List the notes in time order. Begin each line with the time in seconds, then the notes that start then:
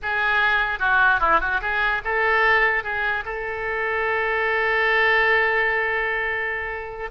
0.02 G#4
0.79 F#4
1.20 E4
1.40 F#4
1.61 G#4
2.04 A4
2.83 G#4
3.25 A4